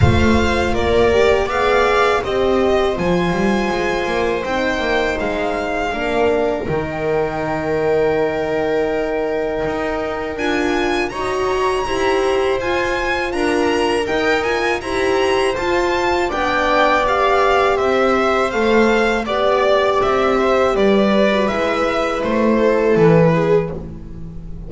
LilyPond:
<<
  \new Staff \with { instrumentName = "violin" } { \time 4/4 \tempo 4 = 81 f''4 d''4 f''4 dis''4 | gis''2 g''4 f''4~ | f''4 g''2.~ | g''2 gis''4 ais''4~ |
ais''4 gis''4 ais''4 g''8 gis''8 | ais''4 a''4 g''4 f''4 | e''4 f''4 d''4 e''4 | d''4 e''4 c''4 b'4 | }
  \new Staff \with { instrumentName = "viola" } { \time 4/4 c''4 ais'4 d''4 c''4~ | c''1 | ais'1~ | ais'2. cis''4 |
c''2 ais'2 | c''2 d''2 | c''2 d''4. c''8 | b'2~ b'8 a'4 gis'8 | }
  \new Staff \with { instrumentName = "horn" } { \time 4/4 f'4. g'8 gis'4 g'4 | f'2 dis'2 | d'4 dis'2.~ | dis'2 f'4 fis'4 |
g'4 f'2 dis'8 f'8 | g'4 f'4 d'4 g'4~ | g'4 a'4 g'2~ | g'8. fis'16 e'2. | }
  \new Staff \with { instrumentName = "double bass" } { \time 4/4 a4 ais4 b4 c'4 | f8 g8 gis8 ais8 c'8 ais8 gis4 | ais4 dis2.~ | dis4 dis'4 d'4 dis'4 |
e'4 f'4 d'4 dis'4 | e'4 f'4 b2 | c'4 a4 b4 c'4 | g4 gis4 a4 e4 | }
>>